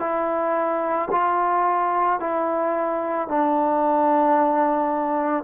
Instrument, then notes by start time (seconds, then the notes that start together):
trombone
0.00 E4
1.11 F4
2.20 E4
3.29 D4